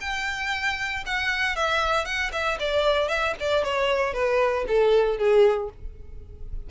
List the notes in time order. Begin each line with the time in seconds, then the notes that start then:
0.00 G5
1.06 F#5
1.56 E5
2.05 F#5
2.32 E5
2.59 D5
3.08 E5
3.39 D5
3.64 C#5
4.13 B4
4.67 A4
5.18 G#4